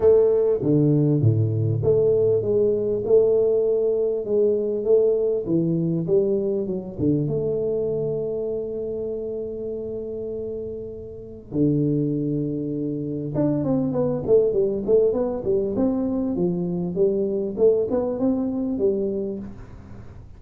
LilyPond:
\new Staff \with { instrumentName = "tuba" } { \time 4/4 \tempo 4 = 99 a4 d4 a,4 a4 | gis4 a2 gis4 | a4 e4 g4 fis8 d8 | a1~ |
a2. d4~ | d2 d'8 c'8 b8 a8 | g8 a8 b8 g8 c'4 f4 | g4 a8 b8 c'4 g4 | }